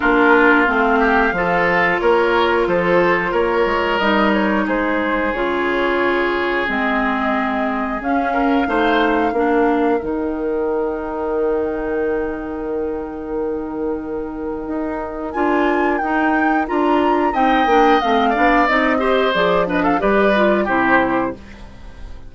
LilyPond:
<<
  \new Staff \with { instrumentName = "flute" } { \time 4/4 \tempo 4 = 90 ais'4 f''2 cis''4 | c''4 cis''4 dis''8 cis''8 c''4 | cis''2 dis''2 | f''2. g''4~ |
g''1~ | g''2. gis''4 | g''4 ais''4 g''4 f''4 | dis''4 d''8 dis''16 f''16 d''4 c''4 | }
  \new Staff \with { instrumentName = "oboe" } { \time 4/4 f'4. g'8 a'4 ais'4 | a'4 ais'2 gis'4~ | gis'1~ | gis'8 ais'8 c''4 ais'2~ |
ais'1~ | ais'1~ | ais'2 dis''4. d''8~ | d''8 c''4 b'16 a'16 b'4 g'4 | }
  \new Staff \with { instrumentName = "clarinet" } { \time 4/4 d'4 c'4 f'2~ | f'2 dis'2 | f'2 c'2 | cis'4 dis'4 d'4 dis'4~ |
dis'1~ | dis'2. f'4 | dis'4 f'4 dis'8 d'8 c'8 d'8 | dis'8 g'8 gis'8 d'8 g'8 f'8 e'4 | }
  \new Staff \with { instrumentName = "bassoon" } { \time 4/4 ais4 a4 f4 ais4 | f4 ais8 gis8 g4 gis4 | cis2 gis2 | cis'4 a4 ais4 dis4~ |
dis1~ | dis2 dis'4 d'4 | dis'4 d'4 c'8 ais8 a8 b8 | c'4 f4 g4 c4 | }
>>